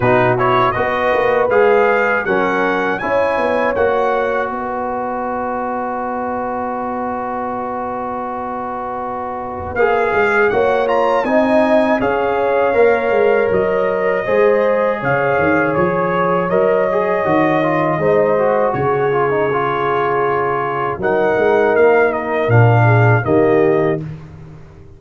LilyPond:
<<
  \new Staff \with { instrumentName = "trumpet" } { \time 4/4 \tempo 4 = 80 b'8 cis''8 dis''4 f''4 fis''4 | gis''4 fis''4 dis''2~ | dis''1~ | dis''4 f''4 fis''8 ais''8 gis''4 |
f''2 dis''2 | f''4 cis''4 dis''2~ | dis''4 cis''2. | fis''4 f''8 dis''8 f''4 dis''4 | }
  \new Staff \with { instrumentName = "horn" } { \time 4/4 fis'4 b'2 ais'4 | cis''2 b'2~ | b'1~ | b'2 cis''4 dis''4 |
cis''2. c''4 | cis''1 | c''4 gis'2. | ais'2~ ais'8 gis'8 g'4 | }
  \new Staff \with { instrumentName = "trombone" } { \time 4/4 dis'8 e'8 fis'4 gis'4 cis'4 | e'4 fis'2.~ | fis'1~ | fis'4 gis'4 fis'8 f'8 dis'4 |
gis'4 ais'2 gis'4~ | gis'2 ais'8 gis'8 fis'8 f'8 | dis'8 fis'4 f'16 dis'16 f'2 | dis'2 d'4 ais4 | }
  \new Staff \with { instrumentName = "tuba" } { \time 4/4 b,4 b8 ais8 gis4 fis4 | cis'8 b8 ais4 b2~ | b1~ | b4 ais8 gis8 ais4 c'4 |
cis'4 ais8 gis8 fis4 gis4 | cis8 dis8 f4 fis4 dis4 | gis4 cis2. | fis8 gis8 ais4 ais,4 dis4 | }
>>